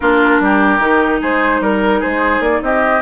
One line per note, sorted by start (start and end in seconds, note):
0.00 0.40 A#3
0.00 0.79 D4
0.00 0.41 F4
0.00 1.20 A#4
0.40 0.79 G3
0.40 1.21 G4
0.79 1.19 D#3
0.79 3.01 D#4
1.21 1.60 G#3
1.21 1.61 G#4
1.21 1.63 C5
1.60 2.00 G3
1.60 1.99 A#4
1.60 2.02 A#4
1.99 2.39 G#3
1.99 2.60 G#4
1.99 2.42 C5
2.39 2.59 A#3
2.39 2.62 D5
2.62 3.01 C4
2.62 3.01 G4
2.62 3.01 D#5